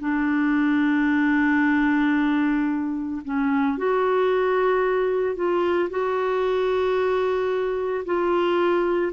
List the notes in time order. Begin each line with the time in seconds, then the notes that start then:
0.00 D4
3.25 C#4
3.78 F#4
5.36 F4
5.90 F#4
8.05 F4